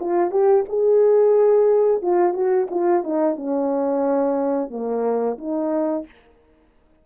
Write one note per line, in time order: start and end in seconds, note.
0.00 0.31 F4
0.31 0.65 G4
0.69 2.02 G#4
2.02 2.34 F4
2.34 2.68 F#4
2.70 3.04 F4
3.04 3.36 D#4
3.36 4.70 C#4
4.70 5.37 A#3
5.38 6.06 D#4